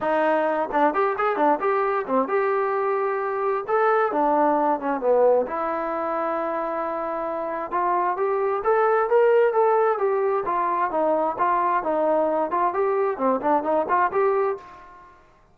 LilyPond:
\new Staff \with { instrumentName = "trombone" } { \time 4/4 \tempo 4 = 132 dis'4. d'8 g'8 gis'8 d'8 g'8~ | g'8 c'8 g'2. | a'4 d'4. cis'8 b4 | e'1~ |
e'4 f'4 g'4 a'4 | ais'4 a'4 g'4 f'4 | dis'4 f'4 dis'4. f'8 | g'4 c'8 d'8 dis'8 f'8 g'4 | }